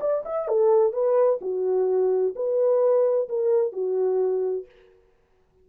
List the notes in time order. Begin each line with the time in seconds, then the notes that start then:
0.00 D5
0.25 E5
0.48 A4
0.92 B4
1.41 F#4
2.35 B4
3.29 A#4
3.72 F#4